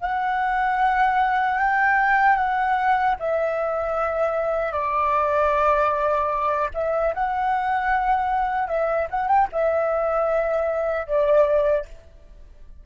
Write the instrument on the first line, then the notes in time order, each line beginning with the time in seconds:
flute
0.00 F#5
1.58 G5
2.35 F#5
3.19 E5
4.72 D5
6.74 E5
7.14 F#5
8.67 E5
9.10 F#5
9.28 G5
9.52 E5
11.06 D5